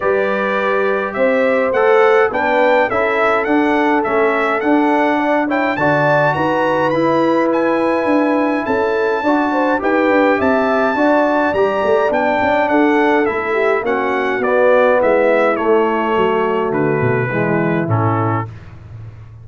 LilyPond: <<
  \new Staff \with { instrumentName = "trumpet" } { \time 4/4 \tempo 4 = 104 d''2 e''4 fis''4 | g''4 e''4 fis''4 e''4 | fis''4. g''8 a''4 ais''4 | b''4 gis''2 a''4~ |
a''4 g''4 a''2 | ais''4 g''4 fis''4 e''4 | fis''4 d''4 e''4 cis''4~ | cis''4 b'2 a'4 | }
  \new Staff \with { instrumentName = "horn" } { \time 4/4 b'2 c''2 | b'4 a'2.~ | a'4 d''8 cis''8 d''4 b'4~ | b'2. a'4 |
d''8 c''8 b'4 e''4 d''4~ | d''2 a'4. g'8 | fis'2 e'2 | fis'2 e'2 | }
  \new Staff \with { instrumentName = "trombone" } { \time 4/4 g'2. a'4 | d'4 e'4 d'4 cis'4 | d'4. e'8 fis'2 | e'1 |
fis'4 g'2 fis'4 | g'4 d'2 e'4 | cis'4 b2 a4~ | a2 gis4 cis'4 | }
  \new Staff \with { instrumentName = "tuba" } { \time 4/4 g2 c'4 a4 | b4 cis'4 d'4 a4 | d'2 d4 dis'4 | e'2 d'4 cis'4 |
d'4 dis'8 d'8 c'4 d'4 | g8 a8 b8 cis'8 d'4 a4 | ais4 b4 gis4 a4 | fis4 d8 b,8 e4 a,4 | }
>>